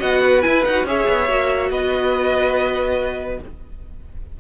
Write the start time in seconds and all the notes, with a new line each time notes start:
0.00 B3 F#4 D#5 F#5
0.24 B4
0.42 E4 G#5
0.65 D#4 F#4 F#5
0.85 C#4 G#4 C#5 E5
1.09 B3
1.29 A#3 F#4
1.70 B3 B4 D#5